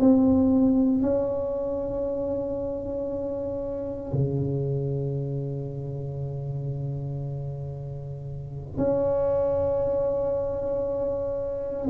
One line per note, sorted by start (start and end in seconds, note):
0.00 1.02 C4
1.02 4.12 C#4
4.12 8.77 C#3
8.77 11.88 C#4